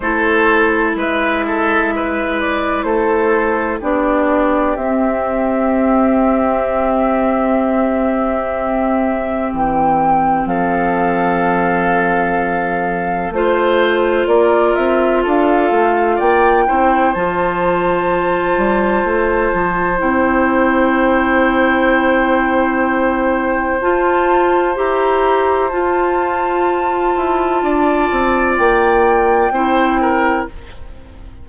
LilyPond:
<<
  \new Staff \with { instrumentName = "flute" } { \time 4/4 \tempo 4 = 63 c''4 e''4. d''8 c''4 | d''4 e''2.~ | e''2 g''4 f''4~ | f''2 c''4 d''8 e''8 |
f''4 g''4 a''2~ | a''4 g''2.~ | g''4 a''4 ais''4 a''4~ | a''2 g''2 | }
  \new Staff \with { instrumentName = "oboe" } { \time 4/4 a'4 b'8 a'8 b'4 a'4 | g'1~ | g'2. a'4~ | a'2 c''4 ais'4 |
a'4 d''8 c''2~ c''8~ | c''1~ | c''1~ | c''4 d''2 c''8 ais'8 | }
  \new Staff \with { instrumentName = "clarinet" } { \time 4/4 e'1 | d'4 c'2.~ | c'1~ | c'2 f'2~ |
f'4. e'8 f'2~ | f'4 e'2.~ | e'4 f'4 g'4 f'4~ | f'2. e'4 | }
  \new Staff \with { instrumentName = "bassoon" } { \time 4/4 a4 gis2 a4 | b4 c'2.~ | c'2 e4 f4~ | f2 a4 ais8 c'8 |
d'8 a8 ais8 c'8 f4. g8 | a8 f8 c'2.~ | c'4 f'4 e'4 f'4~ | f'8 e'8 d'8 c'8 ais4 c'4 | }
>>